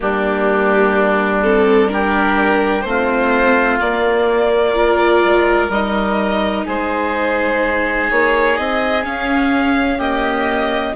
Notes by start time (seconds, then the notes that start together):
0.00 G3 A#3 D4 G4
1.42 C4 A4
1.88 D4 G4 A#4
2.81 A3 C4 C5
2.88 F4
3.80 A#3 D5
4.74 F4 A#4
5.24 G#3
5.69 G3 D#4 D#5
6.65 G#3 G#4 C5
8.10 A#3 C#5
8.57 C4 D#5
9.03 C#4 F5
9.98 A#3 G4 D#5